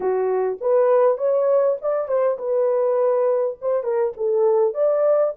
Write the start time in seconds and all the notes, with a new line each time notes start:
0.00 F#4
0.60 B4
1.17 C#5
1.81 D5
2.07 C5
2.38 B4
3.61 C5
3.83 A#4
4.16 A4
4.74 D5